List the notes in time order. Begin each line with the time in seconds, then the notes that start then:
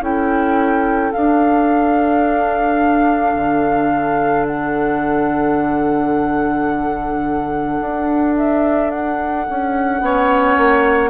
0.00 C#4 E4 A4 G5
1.12 D4 F5
3.34 D3
4.46 F#5
7.80 D4
8.37 E5
8.90 F#5
9.49 C#4
10.01 B3 C#4 C#5
10.56 A#3